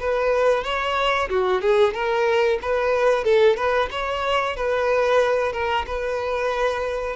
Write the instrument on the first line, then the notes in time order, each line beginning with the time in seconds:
violin
0.00 B4
0.64 C#5
1.30 F#4
1.62 G#4
1.94 A#4
2.62 B4
3.24 A4
3.57 B4
3.92 C#5
4.57 B4
5.53 A#4
5.87 B4